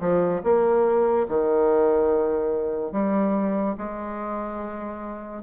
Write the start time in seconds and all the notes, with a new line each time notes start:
0.00 F3
0.44 A#3
1.28 D#3
2.92 G3
3.78 G#3